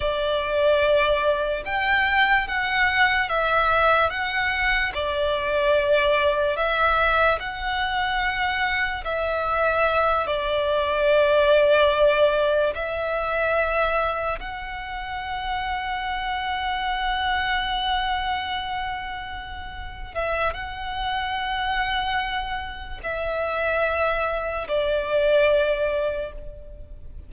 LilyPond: \new Staff \with { instrumentName = "violin" } { \time 4/4 \tempo 4 = 73 d''2 g''4 fis''4 | e''4 fis''4 d''2 | e''4 fis''2 e''4~ | e''8 d''2. e''8~ |
e''4. fis''2~ fis''8~ | fis''1~ | fis''8 e''8 fis''2. | e''2 d''2 | }